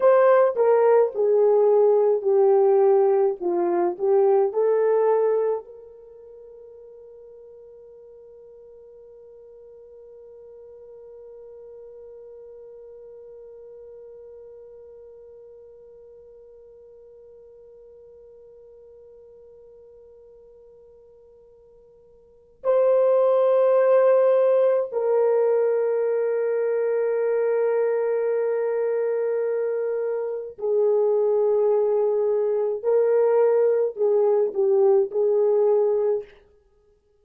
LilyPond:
\new Staff \with { instrumentName = "horn" } { \time 4/4 \tempo 4 = 53 c''8 ais'8 gis'4 g'4 f'8 g'8 | a'4 ais'2.~ | ais'1~ | ais'1~ |
ais'1 | c''2 ais'2~ | ais'2. gis'4~ | gis'4 ais'4 gis'8 g'8 gis'4 | }